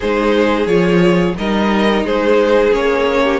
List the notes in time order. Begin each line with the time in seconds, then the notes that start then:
0.00 G#3 D#4 G#4 C5
0.66 F3 F4 C#5
1.38 G3 D#4 A#4 D#5
2.03 G#3 G#4 C5
2.71 A#3 C#4 C#5
3.23 G4